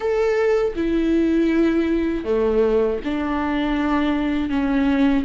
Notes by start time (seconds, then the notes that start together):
0.00 A4
0.75 E4
2.24 A3
3.04 D4
4.49 C#4